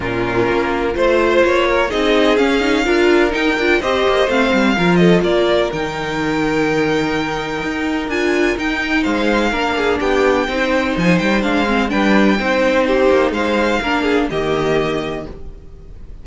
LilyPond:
<<
  \new Staff \with { instrumentName = "violin" } { \time 4/4 \tempo 4 = 126 ais'2 c''4 cis''4 | dis''4 f''2 g''4 | dis''4 f''4. dis''8 d''4 | g''1~ |
g''4 gis''4 g''4 f''4~ | f''4 g''2 gis''8 g''8 | f''4 g''2 c''4 | f''2 dis''2 | }
  \new Staff \with { instrumentName = "violin" } { \time 4/4 f'2 c''4. ais'8 | gis'2 ais'2 | c''2 ais'8 a'8 ais'4~ | ais'1~ |
ais'2. c''4 | ais'8 gis'8 g'4 c''2~ | c''4 b'4 c''4 g'4 | c''4 ais'8 gis'8 g'2 | }
  \new Staff \with { instrumentName = "viola" } { \time 4/4 cis'2 f'2 | dis'4 cis'8 dis'8 f'4 dis'8 f'8 | g'4 c'4 f'2 | dis'1~ |
dis'4 f'4 dis'2 | d'2 dis'2 | d'8 c'8 d'4 dis'2~ | dis'4 d'4 ais2 | }
  \new Staff \with { instrumentName = "cello" } { \time 4/4 ais,4 ais4 a4 ais4 | c'4 cis'4 d'4 dis'8 d'8 | c'8 ais8 a8 g8 f4 ais4 | dis1 |
dis'4 d'4 dis'4 gis4 | ais4 b4 c'4 f8 g8 | gis4 g4 c'4. ais8 | gis4 ais4 dis2 | }
>>